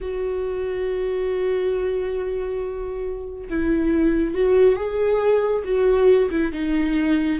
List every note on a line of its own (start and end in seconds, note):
0.00 3.48 F#4
3.49 4.34 E4
4.34 4.75 F#4
4.75 5.62 G#4
5.64 6.29 F#4
6.30 6.52 E4
6.52 7.39 D#4